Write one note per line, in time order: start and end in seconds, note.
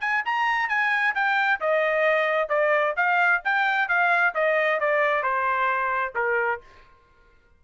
0.00 0.23 G#5
0.25 0.69 A#5
0.69 1.14 G#5
1.14 1.60 G5
1.60 2.49 D#5
2.49 2.94 D5
2.96 3.42 F5
3.44 3.88 G5
3.88 4.34 F5
4.34 4.80 D#5
4.80 5.23 D5
5.23 6.13 C5
6.15 6.61 A#4